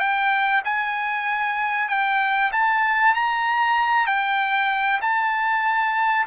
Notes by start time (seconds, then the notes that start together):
0.00 G5
0.64 G#5
1.89 G5
2.52 A5
3.14 A#5
4.07 G5
5.01 A5